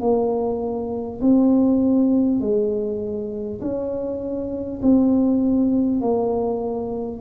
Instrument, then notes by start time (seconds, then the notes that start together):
tuba
0.00 A#3
1.21 C4
2.40 G#3
3.61 C#4
4.82 C4
6.01 A#3